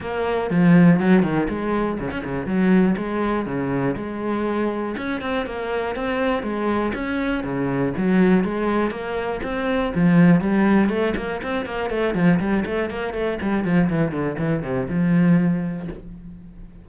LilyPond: \new Staff \with { instrumentName = "cello" } { \time 4/4 \tempo 4 = 121 ais4 f4 fis8 dis8 gis4 | cis16 cis'16 cis8 fis4 gis4 cis4 | gis2 cis'8 c'8 ais4 | c'4 gis4 cis'4 cis4 |
fis4 gis4 ais4 c'4 | f4 g4 a8 ais8 c'8 ais8 | a8 f8 g8 a8 ais8 a8 g8 f8 | e8 d8 e8 c8 f2 | }